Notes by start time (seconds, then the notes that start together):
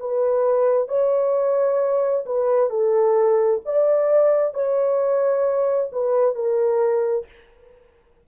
0.00 B4
0.88 C#5
2.26 B4
2.70 A4
3.65 D5
4.54 C#5
5.92 B4
6.35 A#4